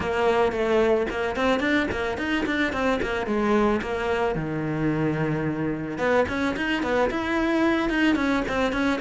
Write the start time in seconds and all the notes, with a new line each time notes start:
0.00 A#3
0.52 A3
1.10 A#3
1.36 C4
1.59 D4
1.91 A#3
2.17 D#4
2.45 D4
2.72 C4
3.02 A#3
3.26 G#3
3.81 A#3
4.35 D#3
5.98 B3
6.28 C#4
6.56 D#4
6.83 B3
7.10 E4
7.89 D#4
8.15 C#4
8.48 C4
8.72 C#4